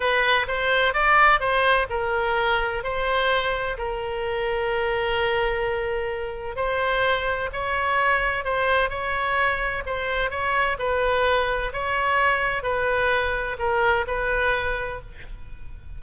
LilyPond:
\new Staff \with { instrumentName = "oboe" } { \time 4/4 \tempo 4 = 128 b'4 c''4 d''4 c''4 | ais'2 c''2 | ais'1~ | ais'2 c''2 |
cis''2 c''4 cis''4~ | cis''4 c''4 cis''4 b'4~ | b'4 cis''2 b'4~ | b'4 ais'4 b'2 | }